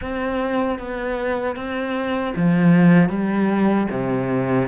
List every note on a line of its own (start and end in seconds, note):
0.01 0.78 C4
0.78 1.55 B3
1.55 2.33 C4
2.36 3.09 F3
3.09 3.87 G3
3.90 4.68 C3